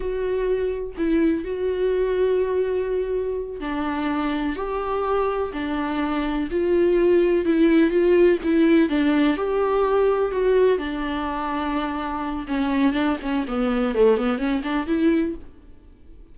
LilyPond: \new Staff \with { instrumentName = "viola" } { \time 4/4 \tempo 4 = 125 fis'2 e'4 fis'4~ | fis'2.~ fis'8 d'8~ | d'4. g'2 d'8~ | d'4. f'2 e'8~ |
e'8 f'4 e'4 d'4 g'8~ | g'4. fis'4 d'4.~ | d'2 cis'4 d'8 cis'8 | b4 a8 b8 cis'8 d'8 e'4 | }